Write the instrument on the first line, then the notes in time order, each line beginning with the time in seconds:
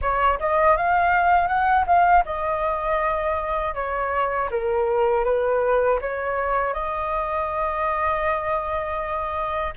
flute
0.01 C#5
0.39 D#5
0.76 F5
1.47 F#5
1.86 F5
2.25 D#5
3.74 C#5
4.50 A#4
5.24 B4
6.01 C#5
6.73 D#5